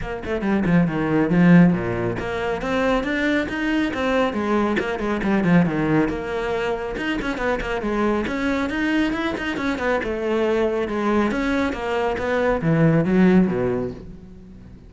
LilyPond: \new Staff \with { instrumentName = "cello" } { \time 4/4 \tempo 4 = 138 ais8 a8 g8 f8 dis4 f4 | ais,4 ais4 c'4 d'4 | dis'4 c'4 gis4 ais8 gis8 | g8 f8 dis4 ais2 |
dis'8 cis'8 b8 ais8 gis4 cis'4 | dis'4 e'8 dis'8 cis'8 b8 a4~ | a4 gis4 cis'4 ais4 | b4 e4 fis4 b,4 | }